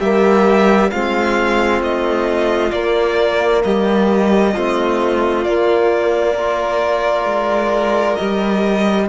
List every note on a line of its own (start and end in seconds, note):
0.00 0.92 G3
0.00 0.92 A#3
0.00 0.91 G4
0.00 0.91 E5
0.91 1.81 G#3
0.91 2.72 C4
0.91 3.64 F4
0.91 1.81 F5
1.81 2.72 A3
1.81 2.72 D#5
2.72 4.54 A#3
2.72 3.64 A#3
2.72 3.63 D5
3.64 4.56 G3
3.64 4.54 G4
3.64 5.45 D#5
4.54 5.46 A3
4.54 5.46 C4
4.54 6.34 F4
5.45 6.37 A#3
5.45 7.26 A#3
5.45 8.16 D5
6.34 8.19 F4
6.34 9.07 A#4
7.26 8.16 G#3
8.16 9.09 G3
8.16 9.09 G4
8.16 9.07 D#5